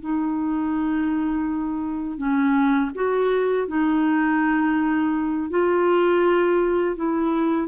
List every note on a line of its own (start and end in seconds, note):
0.00 2.18 D#4
2.18 2.91 C#4
2.94 3.67 F#4
3.67 5.50 D#4
5.50 6.95 F4
6.95 7.67 E4